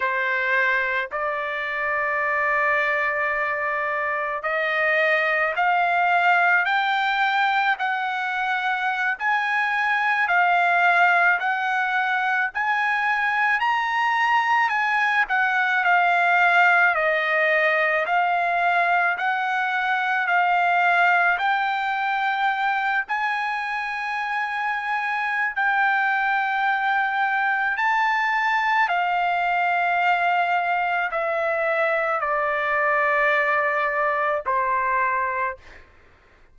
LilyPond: \new Staff \with { instrumentName = "trumpet" } { \time 4/4 \tempo 4 = 54 c''4 d''2. | dis''4 f''4 g''4 fis''4~ | fis''16 gis''4 f''4 fis''4 gis''8.~ | gis''16 ais''4 gis''8 fis''8 f''4 dis''8.~ |
dis''16 f''4 fis''4 f''4 g''8.~ | g''8. gis''2~ gis''16 g''4~ | g''4 a''4 f''2 | e''4 d''2 c''4 | }